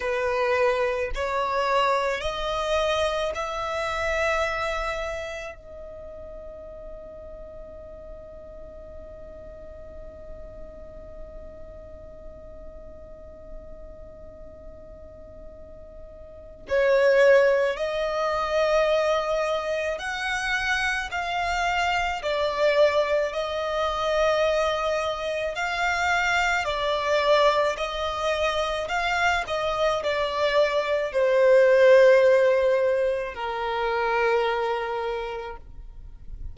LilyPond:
\new Staff \with { instrumentName = "violin" } { \time 4/4 \tempo 4 = 54 b'4 cis''4 dis''4 e''4~ | e''4 dis''2.~ | dis''1~ | dis''2. cis''4 |
dis''2 fis''4 f''4 | d''4 dis''2 f''4 | d''4 dis''4 f''8 dis''8 d''4 | c''2 ais'2 | }